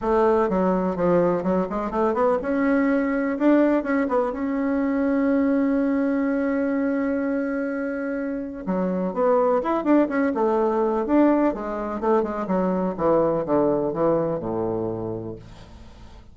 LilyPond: \new Staff \with { instrumentName = "bassoon" } { \time 4/4 \tempo 4 = 125 a4 fis4 f4 fis8 gis8 | a8 b8 cis'2 d'4 | cis'8 b8 cis'2.~ | cis'1~ |
cis'2 fis4 b4 | e'8 d'8 cis'8 a4. d'4 | gis4 a8 gis8 fis4 e4 | d4 e4 a,2 | }